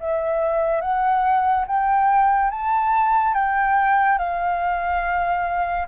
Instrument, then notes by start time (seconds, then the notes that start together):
flute
0.00 E5
0.81 F#5
1.67 G5
2.51 A5
3.34 G5
4.18 F5